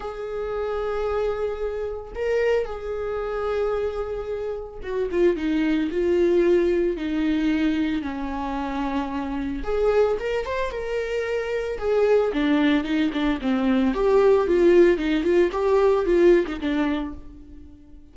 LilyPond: \new Staff \with { instrumentName = "viola" } { \time 4/4 \tempo 4 = 112 gis'1 | ais'4 gis'2.~ | gis'4 fis'8 f'8 dis'4 f'4~ | f'4 dis'2 cis'4~ |
cis'2 gis'4 ais'8 c''8 | ais'2 gis'4 d'4 | dis'8 d'8 c'4 g'4 f'4 | dis'8 f'8 g'4 f'8. dis'16 d'4 | }